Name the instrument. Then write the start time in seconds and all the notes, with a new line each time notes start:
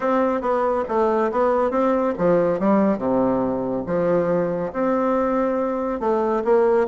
bassoon
0.00 C4
0.41 B3
0.88 A3
1.31 B3
1.70 C4
2.17 F3
2.59 G3
2.98 C3
3.86 F3
4.72 C4
5.99 A3
6.44 A#3